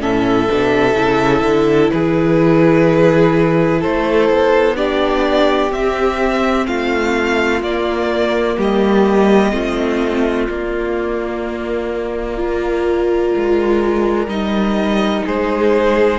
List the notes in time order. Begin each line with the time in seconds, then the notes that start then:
0.00 A2 C#4 A4 E5
0.49 B2 D4
0.94 C#3 E4
1.42 D3
1.90 E3 G#4 B4
3.80 A3 A4 C5
4.29 B3
4.75 D4 G4 D5
5.71 C4 E5
6.66 A3 F4 F5
7.61 A#3 D5
8.57 G3 G4 D#5
9.51 A3 C4 F4
10.48 A#3 D5
12.37 F4 A#4
13.35 G#3
14.27 G3 D#4 D#5
15.25 G#3 G#4 C5